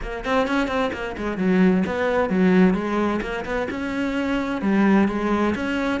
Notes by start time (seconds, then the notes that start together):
0.02 A#3
0.25 C4
0.47 C#4
0.67 C4
0.93 A#3
1.17 G#3
1.37 F#3
1.86 B3
2.29 F#3
2.74 G#3
3.21 A#3
3.45 B3
3.70 C#4
4.61 G3
5.08 G#3
5.55 C#4